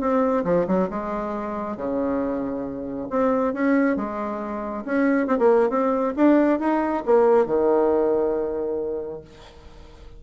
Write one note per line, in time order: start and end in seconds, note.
0.00 0.44 C4
0.44 0.66 F3
0.67 0.89 F#3
0.89 1.76 G#3
1.76 3.08 C#3
3.10 3.53 C4
3.53 3.96 C#4
3.96 4.84 G#3
4.85 5.27 C#4
5.27 5.38 C4
5.38 5.69 A#3
5.69 6.13 C4
6.16 6.59 D4
6.59 7.03 D#4
7.05 7.46 A#3
7.46 9.21 D#3